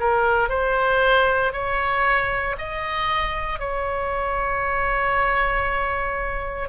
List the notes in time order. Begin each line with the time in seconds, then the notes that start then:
0.00 A#4
0.49 C5
1.53 C#5
2.58 D#5
3.60 C#5